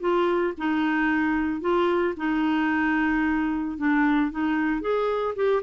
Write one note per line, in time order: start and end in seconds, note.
0.00 0.54 F4
0.58 1.61 D#4
1.61 2.15 F4
2.17 3.78 D#4
3.78 4.31 D4
4.31 4.81 D#4
4.81 5.35 G#4
5.35 5.62 G4